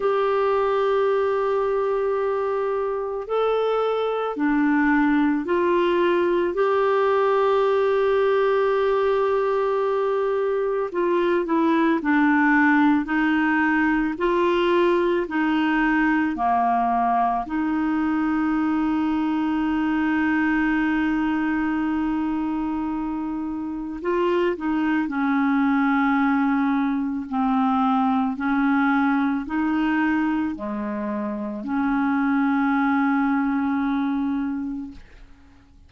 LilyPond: \new Staff \with { instrumentName = "clarinet" } { \time 4/4 \tempo 4 = 55 g'2. a'4 | d'4 f'4 g'2~ | g'2 f'8 e'8 d'4 | dis'4 f'4 dis'4 ais4 |
dis'1~ | dis'2 f'8 dis'8 cis'4~ | cis'4 c'4 cis'4 dis'4 | gis4 cis'2. | }